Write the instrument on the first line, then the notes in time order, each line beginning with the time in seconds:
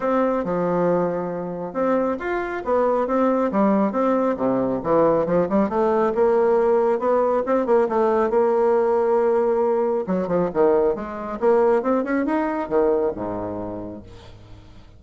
bassoon
0.00 C4
0.44 F3
1.73 C4
2.19 F4
2.65 B3
3.07 C4
3.51 G3
3.92 C4
4.36 C3
4.83 E3
5.26 F3
5.49 G3
5.69 A3
6.15 A#3
6.99 B3
7.46 C4
7.66 A#3
7.89 A3
8.30 A#3
10.06 F#3
10.27 F3
10.53 D#3
10.95 G#3
11.40 A#3
11.82 C4
12.03 C#4
12.25 D#4
12.68 D#3
13.15 G#2